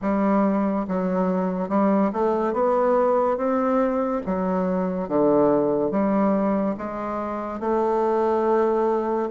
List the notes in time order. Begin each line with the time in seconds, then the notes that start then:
0.01 G3
0.88 F#3
1.69 G3
2.12 A3
2.53 B3
3.36 C4
4.26 F#3
5.08 D3
5.91 G3
6.77 G#3
7.59 A3